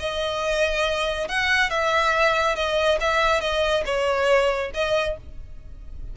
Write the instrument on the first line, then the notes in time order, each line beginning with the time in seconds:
violin
0.00 D#5
1.29 F#5
1.70 E5
2.56 D#5
3.01 E5
3.41 D#5
3.86 C#5
4.74 D#5